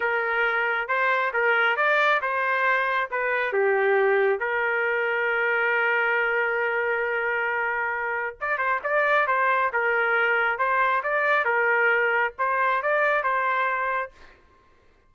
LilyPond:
\new Staff \with { instrumentName = "trumpet" } { \time 4/4 \tempo 4 = 136 ais'2 c''4 ais'4 | d''4 c''2 b'4 | g'2 ais'2~ | ais'1~ |
ais'2. d''8 c''8 | d''4 c''4 ais'2 | c''4 d''4 ais'2 | c''4 d''4 c''2 | }